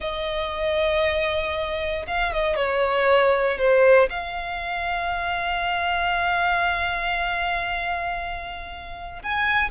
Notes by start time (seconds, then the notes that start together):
0.00 D#5
2.07 F5
2.33 D#5
2.56 C#5
3.58 C5
4.09 F5
9.22 G#5